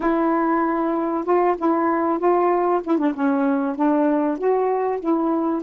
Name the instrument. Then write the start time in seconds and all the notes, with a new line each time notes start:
saxophone
0.00 E4
1.24 F4
1.57 E4
2.18 F4
2.84 E4
2.97 D4
3.13 C#4
3.75 D4
4.38 F#4
5.00 E4